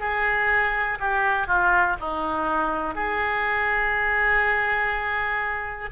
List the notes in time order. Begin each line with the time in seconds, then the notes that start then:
0.00 G#4
1.00 G4
1.48 F4
2.00 D#4
2.95 G#4